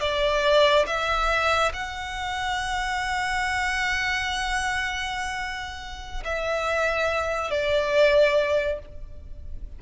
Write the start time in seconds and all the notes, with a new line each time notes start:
0.00 D5
0.86 E5
1.73 F#5
6.25 E5
7.50 D5